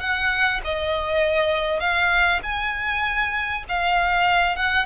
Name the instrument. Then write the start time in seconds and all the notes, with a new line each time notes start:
violin
0.00 F#5
0.64 D#5
1.80 F5
2.43 G#5
3.69 F5
4.56 F#5